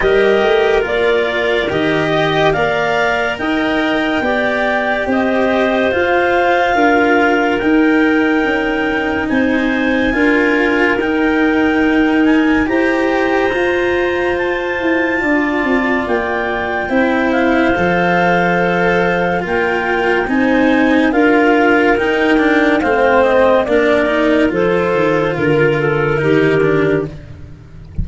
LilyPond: <<
  \new Staff \with { instrumentName = "clarinet" } { \time 4/4 \tempo 4 = 71 dis''4 d''4 dis''4 f''4 | g''2 dis''4 f''4~ | f''4 g''2 gis''4~ | gis''4 g''4. gis''8 ais''4~ |
ais''4 a''2 g''4~ | g''8 f''2~ f''8 g''4 | gis''4 f''4 g''4 f''8 dis''8 | d''4 c''4 ais'2 | }
  \new Staff \with { instrumentName = "clarinet" } { \time 4/4 ais'2~ ais'8 dis''8 d''4 | dis''4 d''4 c''2 | ais'2. c''4 | ais'2. c''4~ |
c''2 d''2 | c''2. ais'4 | c''4 ais'2 c''4 | ais'4 a'4 ais'8 a'8 g'4 | }
  \new Staff \with { instrumentName = "cello" } { \time 4/4 g'4 f'4 g'4 ais'4~ | ais'4 g'2 f'4~ | f'4 dis'2. | f'4 dis'2 g'4 |
f'1 | e'4 a'2 f'4 | dis'4 f'4 dis'8 d'8 c'4 | d'8 dis'8 f'2 dis'8 d'8 | }
  \new Staff \with { instrumentName = "tuba" } { \time 4/4 g8 a8 ais4 dis4 ais4 | dis'4 b4 c'4 f'4 | d'4 dis'4 cis'4 c'4 | d'4 dis'2 e'4 |
f'4. e'8 d'8 c'8 ais4 | c'4 f2 ais4 | c'4 d'4 dis'4 a4 | ais4 f8 dis8 d4 dis4 | }
>>